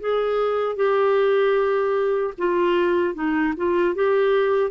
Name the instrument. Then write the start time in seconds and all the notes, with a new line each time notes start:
clarinet
0.00 G#4
0.76 G4
2.38 F4
3.14 D#4
3.57 F4
3.95 G4